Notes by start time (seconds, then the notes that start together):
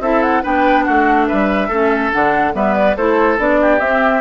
0.00 C4 E4 A4 E5
0.22 F#5
0.43 B3 D4 B4 G5
0.84 A3 F#4 F#5
1.27 G3 B4 E5
1.68 A3 C#4 A4
2.12 D3 D4 F#5
2.53 G3 B3 B4 E5
2.75 D5
2.96 A3 E4 A4 C5
3.38 B3 D4 D5
3.61 G4
3.80 C4 E5